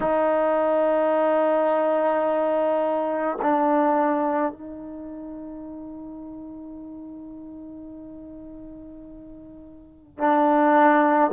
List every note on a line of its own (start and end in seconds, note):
0.00 3.37 D#4
3.42 4.52 D4
4.52 10.18 D#4
10.18 11.31 D4